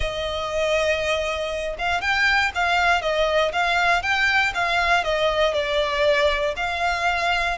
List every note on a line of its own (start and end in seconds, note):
0.00 1.76 D#5
1.78 2.01 F5
2.01 2.51 G5
2.54 3.01 F5
3.01 3.52 D#5
3.52 4.02 F5
4.02 4.52 G5
4.54 5.04 F5
5.04 5.53 D#5
5.53 6.54 D5
6.56 7.57 F5